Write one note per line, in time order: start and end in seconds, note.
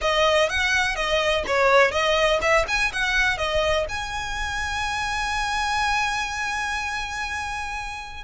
0.01 0.49 D#5
0.49 0.95 F#5
0.95 1.44 D#5
1.46 1.91 C#5
1.91 2.39 D#5
2.41 2.65 E5
2.67 2.92 G#5
2.93 3.37 F#5
3.37 3.86 D#5
3.88 8.23 G#5